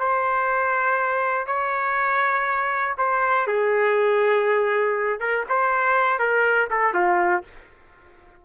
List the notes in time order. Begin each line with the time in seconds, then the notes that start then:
0.00 C5
1.47 C#5
2.98 C5
3.48 G#4
5.20 A#4
5.49 C5
6.20 A#4
6.71 A4
6.94 F4